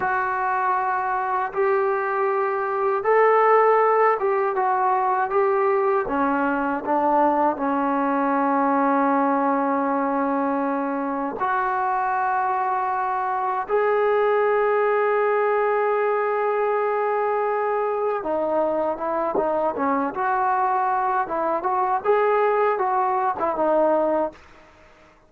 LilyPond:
\new Staff \with { instrumentName = "trombone" } { \time 4/4 \tempo 4 = 79 fis'2 g'2 | a'4. g'8 fis'4 g'4 | cis'4 d'4 cis'2~ | cis'2. fis'4~ |
fis'2 gis'2~ | gis'1 | dis'4 e'8 dis'8 cis'8 fis'4. | e'8 fis'8 gis'4 fis'8. e'16 dis'4 | }